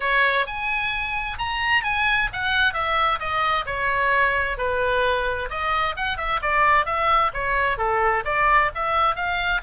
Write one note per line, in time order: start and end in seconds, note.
0.00 0.46 C#5
0.46 1.38 G#5
1.38 1.83 A#5
1.83 2.29 G#5
2.33 2.73 F#5
2.73 3.19 E5
3.19 3.65 D#5
3.65 4.57 C#5
4.57 5.49 B4
5.50 5.95 D#5
5.96 6.17 F#5
6.17 6.40 E5
6.42 6.85 D5
6.85 7.31 E5
7.33 7.77 C#5
7.77 8.23 A4
8.24 8.70 D5
8.74 9.15 E5
9.15 9.61 F5